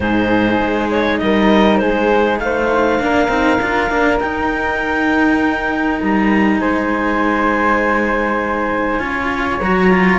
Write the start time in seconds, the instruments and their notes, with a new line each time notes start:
0.00 cello G#2 D#4, flute G#4, clarinet C5
0.60 cello G#3
0.91 clarinet C#5
1.18 cello G3, flute A#4, clarinet D#5
1.77 cello G#3, flute G#4, clarinet C5
2.39 cello A3, flute C5, clarinet F5
2.99 cello A#3 D4, flute A#4
3.28 cello C4 D#4
3.60 cello D4 F4
3.89 cello A#3 D4
4.19 cello D#4, clarinet G5
6.02 cello G3, clarinet A#5
6.60 cello G#3, flute C5, clarinet G#5
8.98 cello C#4 F4, flute C#5
9.61 cello F#3 F#4, clarinet A#5
9.90 cello F4